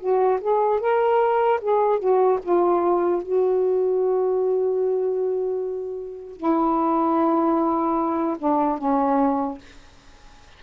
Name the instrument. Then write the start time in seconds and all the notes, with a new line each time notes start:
saxophone
0.00 F#4
0.41 G#4
0.80 A#4
1.61 G#4
1.99 F#4
2.43 F4
3.23 F#4
6.37 E4
8.39 D4
8.78 C#4